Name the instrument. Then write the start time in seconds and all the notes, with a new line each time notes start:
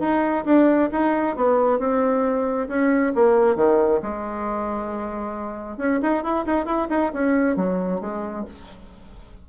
bassoon
0.00 D#4
0.45 D4
0.92 D#4
1.36 B3
1.79 C4
2.68 C#4
3.15 A#3
3.56 D#3
4.02 G#3
5.78 C#4
6.02 D#4
6.23 E4
6.46 D#4
6.65 E4
6.89 D#4
7.13 C#4
7.56 F#3
8.00 G#3